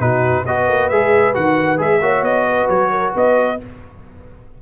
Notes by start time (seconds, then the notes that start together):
0.00 B2 D#4 F#4 B4
0.46 B3 F#4 B4 D#5
0.69 A#3
0.89 G#3 G#4 E5
1.34 D#3 F#4 F#5
1.78 G#3 G#4 E5
2.01 A#3 F#4 C#5
2.22 B3 D#5
2.49 B4
2.70 F#3 C#5
2.91 A#4
3.11 B3 B4
3.18 D#5